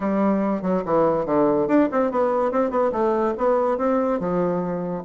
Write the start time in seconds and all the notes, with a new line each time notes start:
0.00 G3
0.62 F#3
0.85 E3
1.25 D3
1.67 D4
1.91 C4
2.11 B3
2.51 C4
2.70 B3
2.92 A3
3.37 B3
3.77 C4
4.19 F3